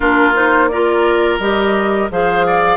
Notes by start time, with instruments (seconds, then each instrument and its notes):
0.00 bassoon A#3, clarinet D4, oboe F4, flute A#4
0.34 clarinet D#4, flute C5
0.68 clarinet F4, oboe A#4, flute D5
1.39 bassoon G3, clarinet G4, flute D#5
2.10 bassoon F3, clarinet G#4, oboe C5, flute F5
2.46 oboe D5